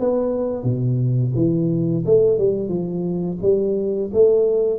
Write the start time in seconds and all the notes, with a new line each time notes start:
0.00 B3
0.64 B2
1.35 E3
2.06 A3
2.39 G3
2.69 F3
3.42 G3
4.13 A3